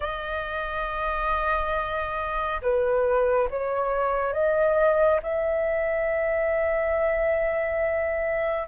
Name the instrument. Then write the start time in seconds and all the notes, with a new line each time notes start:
flute
0.00 D#5
2.62 B4
3.49 C#5
4.33 D#5
5.22 E5